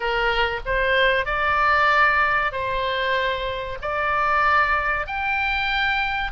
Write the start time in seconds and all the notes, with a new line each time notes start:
0.00 A#4
0.65 C5
1.25 D5
2.52 C5
3.81 D5
5.06 G5